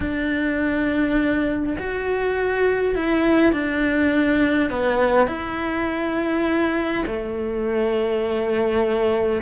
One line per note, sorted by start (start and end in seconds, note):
0.00 1.76 D4
1.78 2.95 F#4
2.95 3.52 E4
3.52 4.70 D4
4.70 5.27 B3
5.27 7.03 E4
7.06 9.41 A3